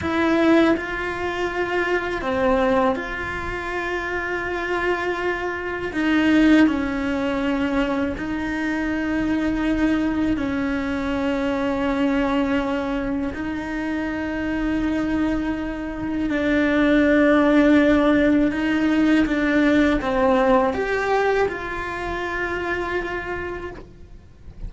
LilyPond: \new Staff \with { instrumentName = "cello" } { \time 4/4 \tempo 4 = 81 e'4 f'2 c'4 | f'1 | dis'4 cis'2 dis'4~ | dis'2 cis'2~ |
cis'2 dis'2~ | dis'2 d'2~ | d'4 dis'4 d'4 c'4 | g'4 f'2. | }